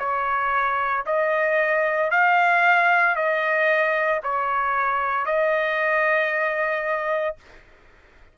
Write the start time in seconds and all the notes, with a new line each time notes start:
0.00 C#5
1.06 D#5
2.11 F5
3.16 D#5
4.24 C#5
5.26 D#5